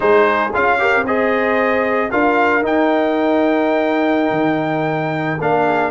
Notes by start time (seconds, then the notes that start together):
0.00 G#3 D#4 G#4 C5
0.53 C#4 F4 F5
0.79 G4 A#4
1.04 C4 G#4 C5 D#5
2.10 D4 F4 A#4 F5
2.62 D#4 G5
4.31 D#3
5.39 A#3 D4 F5
5.65 G#4